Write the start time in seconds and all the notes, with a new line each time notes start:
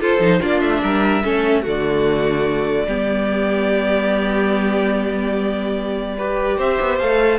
0.00 F4 A4 C5
0.20 F3 D#4
0.39 A#3 D4 F4 D5
0.60 A3 E5
0.83 G3 A#4
1.23 A3 C#4 A4
1.62 D3 A3 F#4
1.68 D5
2.87 G3 B3 G4
6.17 G4 B4
6.58 C4 C5 E5
6.80 B3
6.98 A3 A4 F5